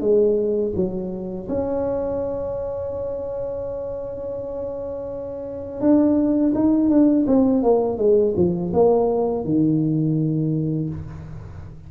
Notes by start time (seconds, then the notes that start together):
0.00 G#3
0.75 F#3
1.48 C#4
5.80 D4
6.54 D#4
6.89 D4
7.26 C4
7.63 A#3
7.97 G#3
8.36 F3
8.73 A#3
9.44 D#3